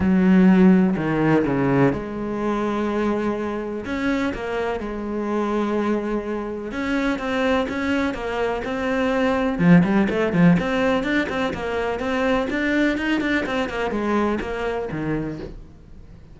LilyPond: \new Staff \with { instrumentName = "cello" } { \time 4/4 \tempo 4 = 125 fis2 dis4 cis4 | gis1 | cis'4 ais4 gis2~ | gis2 cis'4 c'4 |
cis'4 ais4 c'2 | f8 g8 a8 f8 c'4 d'8 c'8 | ais4 c'4 d'4 dis'8 d'8 | c'8 ais8 gis4 ais4 dis4 | }